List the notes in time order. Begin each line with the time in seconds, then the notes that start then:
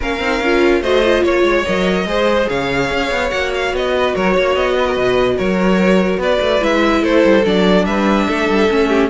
0.00 A#3 C#4 A#4 F5
0.19 C4 D#4
0.40 C#4 F4
0.81 A3 F#4 C5 D#5
1.03 F4
1.23 A#3 C#5
1.42 G#3
1.65 F#3 A#4 D#5
2.05 G#3 G#4 C5
2.49 C#3 C#5 F5
2.90 C#4
3.11 B3
3.30 A#3 F#4 F#5
3.54 F5
3.72 B3 D#5
3.95 B4
4.15 F#3 A#4 C#5
4.33 A#3 C#5
4.55 B3 D#5
4.79 B4
4.87 A#4
4.93 B2 B4
5.37 F#3 A#4 C#5
6.17 B3 B4 D5
6.40 A3
6.60 G#3 E4 E5
7.01 A3 A4 C5
7.24 G3
7.44 F#3 D4 D5
7.85 G3 B4 E5
8.27 A3 A4
8.49 G3
8.69 A3 C#4
8.88 G4